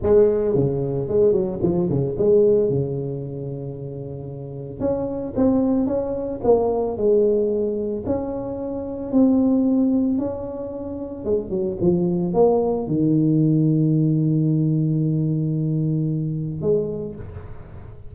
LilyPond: \new Staff \with { instrumentName = "tuba" } { \time 4/4 \tempo 4 = 112 gis4 cis4 gis8 fis8 f8 cis8 | gis4 cis2.~ | cis4 cis'4 c'4 cis'4 | ais4 gis2 cis'4~ |
cis'4 c'2 cis'4~ | cis'4 gis8 fis8 f4 ais4 | dis1~ | dis2. gis4 | }